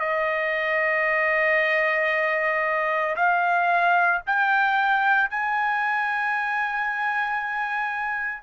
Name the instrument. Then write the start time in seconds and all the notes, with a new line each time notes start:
trumpet
0.00 D#5
3.16 F5
4.27 G5
5.30 G#5